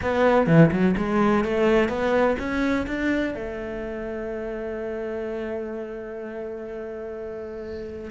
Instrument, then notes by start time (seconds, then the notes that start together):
cello
0.02 B3
0.46 E3
0.71 F#3
0.97 G#3
1.44 A3
1.88 B3
2.38 C#4
2.86 D4
3.34 A3